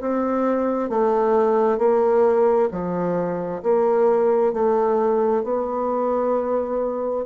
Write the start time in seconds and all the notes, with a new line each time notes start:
0.00 C4
0.89 A3
1.78 A#3
2.71 F3
3.62 A#3
4.52 A3
5.43 B3